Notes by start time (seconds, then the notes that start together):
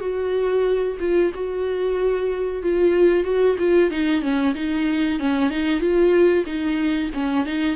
0.00 F#4
1.00 F4
1.34 F#4
2.62 F4
3.24 F#4
3.58 F4
3.90 D#4
4.21 C#4
4.55 D#4
5.19 C#4
5.50 D#4
5.80 F4
6.45 D#4
7.13 C#4
7.45 D#4